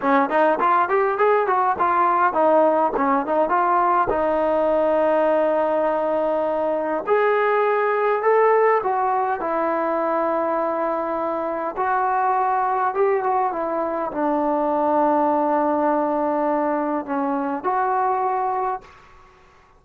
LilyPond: \new Staff \with { instrumentName = "trombone" } { \time 4/4 \tempo 4 = 102 cis'8 dis'8 f'8 g'8 gis'8 fis'8 f'4 | dis'4 cis'8 dis'8 f'4 dis'4~ | dis'1 | gis'2 a'4 fis'4 |
e'1 | fis'2 g'8 fis'8 e'4 | d'1~ | d'4 cis'4 fis'2 | }